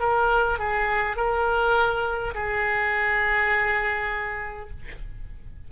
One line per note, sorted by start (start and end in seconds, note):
0.00 0.59 A#4
0.59 1.16 G#4
1.16 2.34 A#4
2.35 4.70 G#4